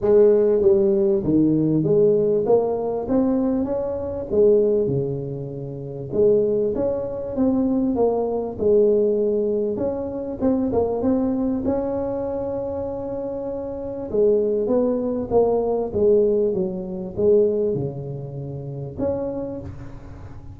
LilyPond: \new Staff \with { instrumentName = "tuba" } { \time 4/4 \tempo 4 = 98 gis4 g4 dis4 gis4 | ais4 c'4 cis'4 gis4 | cis2 gis4 cis'4 | c'4 ais4 gis2 |
cis'4 c'8 ais8 c'4 cis'4~ | cis'2. gis4 | b4 ais4 gis4 fis4 | gis4 cis2 cis'4 | }